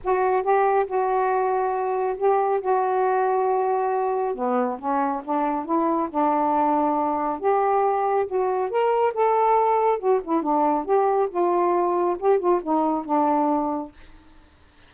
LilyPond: \new Staff \with { instrumentName = "saxophone" } { \time 4/4 \tempo 4 = 138 fis'4 g'4 fis'2~ | fis'4 g'4 fis'2~ | fis'2 b4 cis'4 | d'4 e'4 d'2~ |
d'4 g'2 fis'4 | ais'4 a'2 fis'8 e'8 | d'4 g'4 f'2 | g'8 f'8 dis'4 d'2 | }